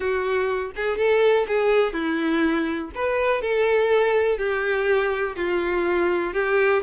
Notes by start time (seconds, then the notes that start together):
0.00 F#4
0.76 G#4
0.97 A4
1.47 G#4
1.93 E4
2.94 B4
3.41 A4
4.38 G4
5.35 F4
6.33 G4